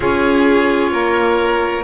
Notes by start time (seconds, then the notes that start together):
0.00 C#4 F4 G#4 C#5
0.92 A#3 A#4